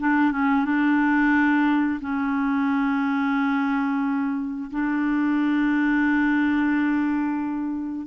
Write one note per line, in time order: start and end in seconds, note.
0.00 0.32 D4
0.32 0.65 C#4
0.65 2.00 D4
2.01 4.70 C#4
4.71 8.07 D4